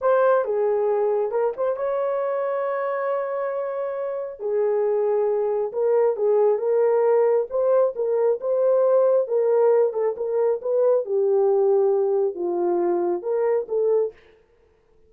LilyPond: \new Staff \with { instrumentName = "horn" } { \time 4/4 \tempo 4 = 136 c''4 gis'2 ais'8 c''8 | cis''1~ | cis''2 gis'2~ | gis'4 ais'4 gis'4 ais'4~ |
ais'4 c''4 ais'4 c''4~ | c''4 ais'4. a'8 ais'4 | b'4 g'2. | f'2 ais'4 a'4 | }